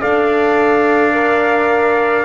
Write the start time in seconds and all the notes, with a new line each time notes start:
0.00 D4 A4 D5 F5
1.13 A#4